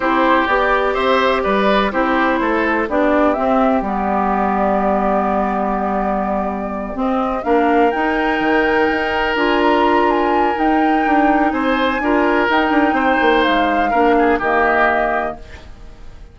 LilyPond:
<<
  \new Staff \with { instrumentName = "flute" } { \time 4/4 \tempo 4 = 125 c''4 d''4 e''4 d''4 | c''2 d''4 e''4 | d''1~ | d''2~ d''8 dis''4 f''8~ |
f''8 g''2. gis''8 | ais''4 gis''4 g''2 | gis''2 g''2 | f''2 dis''2 | }
  \new Staff \with { instrumentName = "oboe" } { \time 4/4 g'2 c''4 b'4 | g'4 a'4 g'2~ | g'1~ | g'2.~ g'8 ais'8~ |
ais'1~ | ais'1 | c''4 ais'2 c''4~ | c''4 ais'8 gis'8 g'2 | }
  \new Staff \with { instrumentName = "clarinet" } { \time 4/4 e'4 g'2. | e'2 d'4 c'4 | b1~ | b2~ b8 c'4 d'8~ |
d'8 dis'2. f'8~ | f'2 dis'2~ | dis'4 f'4 dis'2~ | dis'4 d'4 ais2 | }
  \new Staff \with { instrumentName = "bassoon" } { \time 4/4 c'4 b4 c'4 g4 | c'4 a4 b4 c'4 | g1~ | g2~ g8 c'4 ais8~ |
ais8 dis'4 dis4 dis'4 d'8~ | d'2 dis'4 d'4 | c'4 d'4 dis'8 d'8 c'8 ais8 | gis4 ais4 dis2 | }
>>